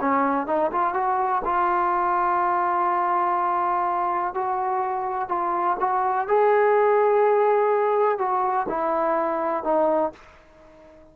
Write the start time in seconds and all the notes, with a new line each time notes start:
0.00 C#4
0.46 D#4
0.71 F4
0.93 F#4
1.44 F4
4.34 F#4
5.28 F4
5.79 F#4
6.27 G#4
8.18 F#4
8.68 E4
9.64 D#4